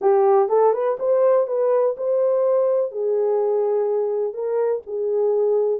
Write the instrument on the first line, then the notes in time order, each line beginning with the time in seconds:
horn
0.01 G4
0.48 A4
0.73 B4
0.99 C5
1.47 B4
1.97 C5
2.91 G#4
4.33 A#4
4.86 G#4